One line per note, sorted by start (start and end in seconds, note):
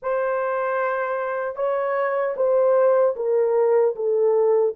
0.02 1.55 C5
1.55 2.34 C#5
2.36 3.15 C5
3.16 3.95 A#4
3.95 4.74 A4